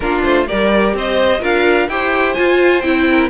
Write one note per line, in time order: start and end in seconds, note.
0.00 0.22 A#3
0.00 0.47 D4
0.00 0.48 F4
0.00 0.21 A#4
0.23 0.48 A3
0.23 0.46 C5
0.47 0.94 G3
0.47 1.40 G4
0.47 0.95 A#4
0.47 0.95 D5
0.94 1.41 C4
0.94 1.40 C5
0.94 1.44 D#5
1.40 1.88 D4
1.40 1.87 F4
1.40 1.87 A#4
1.40 1.89 F5
1.88 2.35 E4
1.88 2.35 G4
1.88 3.09 C5
1.88 2.34 G5
2.34 2.82 F4
2.34 2.80 G#5
2.80 3.29 C4
2.80 3.29 E4
2.80 3.27 G5
3.11 3.29 A#4